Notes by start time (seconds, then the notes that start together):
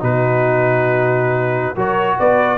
0.00 B2 D#4 F#4 B4
1.76 F#3 F#4 A#4 C#5
2.20 B3 B4 D5